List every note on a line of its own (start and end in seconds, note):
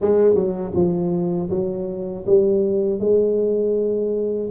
0.01 0.34 G#3
0.34 0.72 F#3
0.74 1.49 F3
1.50 2.25 F#3
2.26 2.99 G3
2.99 4.49 G#3